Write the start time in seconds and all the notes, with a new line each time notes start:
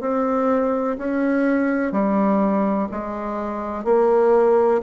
0.00 C4
0.98 C#4
1.91 G3
2.91 G#3
3.84 A#3